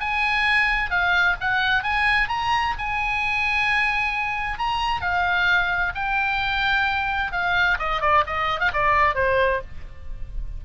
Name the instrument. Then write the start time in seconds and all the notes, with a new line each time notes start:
oboe
0.00 G#5
0.90 F5
1.40 F#5
1.83 G#5
2.28 A#5
2.78 G#5
4.58 A#5
5.01 F5
5.95 G5
7.32 F5
7.79 D#5
8.01 D5
8.26 D#5
8.60 F5
8.73 D5
9.15 C5